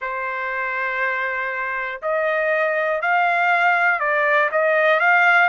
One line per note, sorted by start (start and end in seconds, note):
0.00 2.00 C5
2.01 3.01 D#5
3.01 3.99 F5
3.99 4.49 D5
4.51 5.00 D#5
5.00 5.49 F5